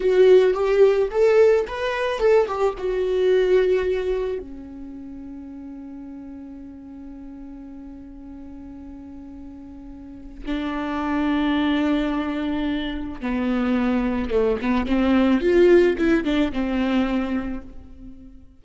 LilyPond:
\new Staff \with { instrumentName = "viola" } { \time 4/4 \tempo 4 = 109 fis'4 g'4 a'4 b'4 | a'8 g'8 fis'2. | cis'1~ | cis'1~ |
cis'2. d'4~ | d'1 | b2 a8 b8 c'4 | f'4 e'8 d'8 c'2 | }